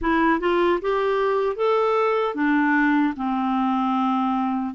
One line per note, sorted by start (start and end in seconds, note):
0.01 0.39 E4
0.39 0.79 F4
0.81 1.56 G4
1.56 2.35 A4
2.35 3.14 D4
3.16 4.74 C4